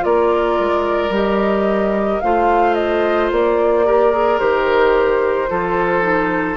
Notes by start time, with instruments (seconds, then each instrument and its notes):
0.00 bassoon A#3, clarinet F4, oboe A#4, flute D5
0.59 bassoon G#3
1.10 bassoon G3, clarinet G4, flute D#5
2.21 bassoon A3, clarinet F4, oboe C5, flute F5
2.75 flute D#5
3.32 bassoon A#3, flute D5
3.85 clarinet G4, oboe A#4
4.12 clarinet G#4
4.39 bassoon D#3, clarinet G4, flute C5
5.49 bassoon F3, clarinet F4, oboe A4
6.02 clarinet D#4